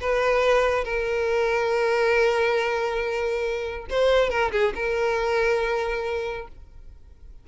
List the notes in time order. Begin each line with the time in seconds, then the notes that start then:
0.00 B4
0.84 A#4
3.89 C5
4.29 A#4
4.51 G#4
4.75 A#4